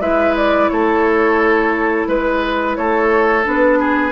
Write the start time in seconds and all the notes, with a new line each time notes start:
0.00 G#3 E4 B4 E5
0.36 D5
0.69 A3 A4 C#5
2.07 G#3 B4
2.76 A3 A4 C#5
3.44 B3 D4 B4
3.79 G#4